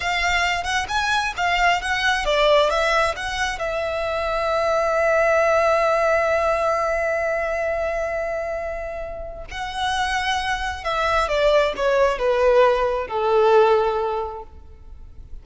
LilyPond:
\new Staff \with { instrumentName = "violin" } { \time 4/4 \tempo 4 = 133 f''4. fis''8 gis''4 f''4 | fis''4 d''4 e''4 fis''4 | e''1~ | e''1~ |
e''1~ | e''4 fis''2. | e''4 d''4 cis''4 b'4~ | b'4 a'2. | }